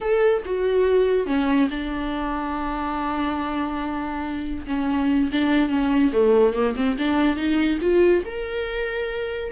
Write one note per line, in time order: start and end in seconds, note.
0.00 0.43 A4
0.45 1.26 F#4
1.26 1.68 C#4
1.70 4.66 D4
4.67 5.30 C#4
5.32 5.69 D4
5.69 6.11 C#4
6.12 6.53 A3
6.53 6.74 A#3
6.75 6.97 C4
6.98 7.36 D4
7.36 7.78 D#4
7.81 8.23 F4
8.25 9.51 A#4